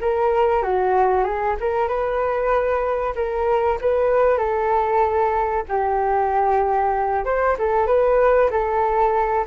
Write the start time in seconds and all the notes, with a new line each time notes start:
0.00 A#4
0.62 F#4
1.24 G#4
1.60 A#4
1.87 B4
3.15 A#4
3.81 B4
4.38 A4
5.68 G4
7.25 C5
7.58 A4
7.86 B4
8.50 A4